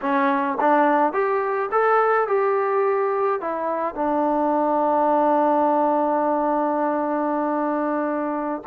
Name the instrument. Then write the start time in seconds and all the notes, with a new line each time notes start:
trombone
0.01 C#4
0.60 D4
1.12 G4
1.71 A4
2.27 G4
3.41 E4
3.95 D4